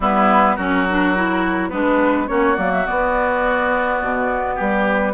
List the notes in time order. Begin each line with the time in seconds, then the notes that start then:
0.00 G3 B3 E4 B4
0.55 F#3 C#4 F#4 A#4
0.89 D4
1.16 E4
1.68 G#3 B3 D4 B4
2.27 A#3 C#4 F#4 C#5
2.56 F#3 A#3 D5
2.72 E5
2.85 B3 D5
4.02 B2
4.55 G3 G4 B4